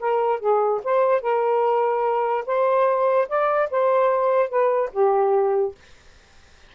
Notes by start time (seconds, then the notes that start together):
0.00 A#4
0.40 G#4
0.84 C5
1.22 A#4
2.46 C5
3.29 D5
3.71 C5
4.49 B4
4.93 G4